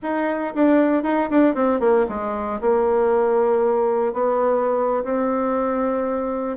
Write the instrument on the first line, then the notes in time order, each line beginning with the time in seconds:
bassoon
0.02 D#4
0.54 D4
1.03 D#4
1.30 D4
1.54 C4
1.80 A#3
2.08 G#3
2.60 A#3
4.13 B3
5.03 C4